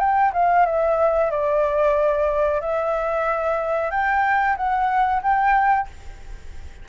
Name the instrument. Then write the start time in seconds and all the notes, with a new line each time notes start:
flute
0.00 G5
0.34 F5
0.66 E5
1.31 D5
2.61 E5
3.91 G5
4.57 F#5
5.23 G5